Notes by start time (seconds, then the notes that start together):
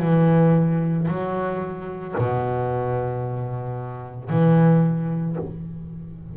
0.00 E3
1.08 F#3
2.18 B2
4.30 E3